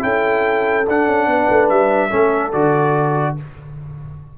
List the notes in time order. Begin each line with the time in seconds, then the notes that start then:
0.00 C#4 E4 A4 G5
0.88 D4 F#5
1.07 C#4
1.27 B3 B4
1.50 A3
1.69 G3 E5
2.10 A3 C#4 A4
2.52 D3 F#4 D5